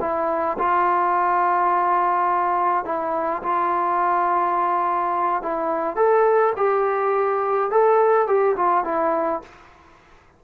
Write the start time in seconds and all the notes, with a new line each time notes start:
0.00 E4
0.58 F4
2.85 E4
3.43 F4
5.42 E4
5.96 A4
6.56 G4
7.71 A4
8.27 G4
8.56 F4
8.84 E4